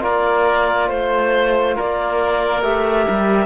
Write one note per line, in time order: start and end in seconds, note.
0.00 0.89 A#3
0.00 2.61 F4
0.00 0.88 A#4
0.00 0.88 D5
0.88 1.76 A3
0.88 1.75 C5
1.75 2.62 A#3
1.75 3.46 A#4
1.75 2.62 D5
2.62 3.06 A3
2.62 3.46 G4
2.62 3.46 E5
3.09 3.46 G3